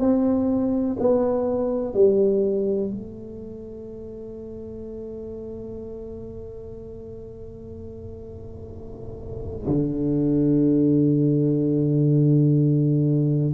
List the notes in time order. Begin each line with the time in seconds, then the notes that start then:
0.00 C4
0.99 B3
1.94 G3
2.90 A3
9.67 D3